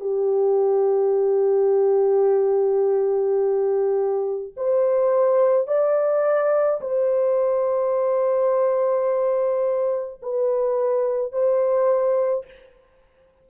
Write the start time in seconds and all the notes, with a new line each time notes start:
0.00 G4
4.56 C5
5.67 D5
6.81 C5
10.22 B4
11.32 C5